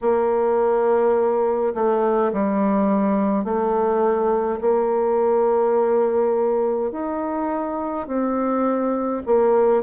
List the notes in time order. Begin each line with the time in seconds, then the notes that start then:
0.01 A#3
1.74 A3
2.32 G3
3.44 A3
4.60 A#3
6.91 D#4
8.07 C4
9.26 A#3